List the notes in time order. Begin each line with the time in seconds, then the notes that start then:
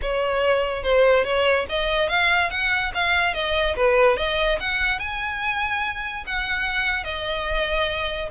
0.02 C#5
0.83 C5
1.24 C#5
1.69 D#5
2.08 F5
2.50 F#5
2.94 F5
3.34 D#5
3.76 B4
4.17 D#5
4.59 F#5
4.99 G#5
6.26 F#5
7.04 D#5